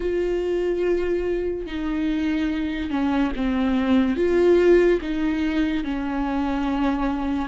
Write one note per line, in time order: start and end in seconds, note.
0.00 1.66 F4
1.66 2.90 D#4
2.90 3.32 C#4
3.36 4.16 C4
4.16 5.00 F4
5.01 5.83 D#4
5.83 7.48 C#4